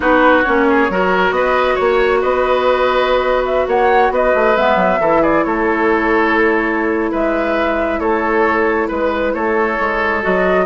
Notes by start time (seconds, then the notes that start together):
0.00 B3 D#4 F#4 B4
0.43 A#3 C#4 C#5
0.69 G#4
0.89 F#3 F#4 A#4
1.30 B3 B4 D#5
1.74 A#3 C#5
2.21 B3 B4 D#5
3.45 E5
3.67 A#3 C#5 F#5
4.10 B3 B4 D#5
4.34 A3
4.56 G#3 B3 E5
4.75 F#3
4.99 E3 E4 A4
5.21 G#4 D5
5.44 A3 A4 C#5
7.11 G#3 B4 E5
7.99 A3 A4 C#5
8.88 G#3 B4
9.33 A3 A4 C#5
9.79 G#3
10.22 F#3 F#4 D#5